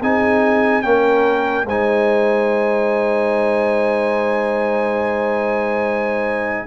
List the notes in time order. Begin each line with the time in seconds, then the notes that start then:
0.00 C4 D#4 G#4 G#5
0.82 A#3 C#4 A#4 G5
1.65 G#3 D#4 C5 G#5